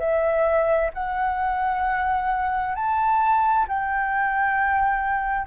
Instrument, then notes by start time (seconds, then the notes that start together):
flute
0.00 E5
0.94 F#5
2.76 A5
3.69 G5